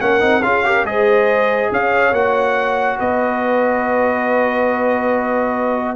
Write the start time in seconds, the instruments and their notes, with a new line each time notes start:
0.00 tuba A#3, trombone C#4, horn A#4, trumpet F#5
0.20 tuba C4, trombone D#4
0.42 tuba C#4, trombone F4, horn G#4, trumpet F5
0.64 trombone G4, horn A#4
0.84 tuba G#3, trombone G#4, horn C5, trumpet D#5
1.72 tuba C#4, horn C#5, trumpet F5
2.12 tuba A#3, trombone F#4, trumpet F#5
2.98 tuba B3, horn B4, trumpet D#5